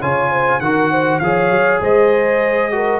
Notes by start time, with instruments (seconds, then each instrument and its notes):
0.00 tuba C#3, trombone F4, horn C#5, trumpet G#5
0.30 horn C5
0.59 tuba D#3, trombone F#4, horn A#4, trumpet F#5
0.91 horn C5
1.19 tuba F3, trombone G#4, horn C#5, trumpet F5
1.50 tuba F#3
1.80 tuba G#3, horn C5, trumpet D#5
2.71 trombone F#4, horn A#4